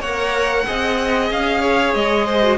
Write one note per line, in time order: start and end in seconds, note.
0.00 0.65 A#3
0.00 0.66 A#4
0.00 0.65 C#5
0.00 1.31 F#5
0.66 1.31 C4
0.66 2.43 G#4
0.66 1.61 D#5
1.31 1.95 C#4
1.31 1.94 F5
1.61 2.26 C#5
1.94 2.58 G#3
1.94 2.58 D#5
2.26 2.58 C5
2.43 2.58 F#4